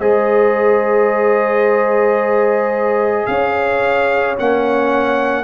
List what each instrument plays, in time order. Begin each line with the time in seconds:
0.00 tuba G#3, trombone G#4, horn C5, trumpet D#5
3.27 tuba C#4, horn C#5, trumpet F5
4.39 tuba A#3, trombone C#4, trumpet F#5